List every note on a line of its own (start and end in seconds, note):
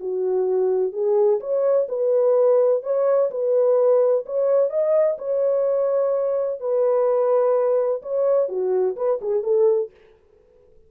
0.00 0.93 F#4
0.93 1.40 G#4
1.40 1.88 C#5
1.89 2.83 B4
2.83 3.31 C#5
3.31 4.25 B4
4.26 4.70 C#5
4.70 5.18 D#5
5.19 6.60 C#5
6.60 8.02 B4
8.03 8.49 C#5
8.49 8.96 F#4
8.96 9.20 B4
9.22 9.43 G#4
9.43 9.91 A4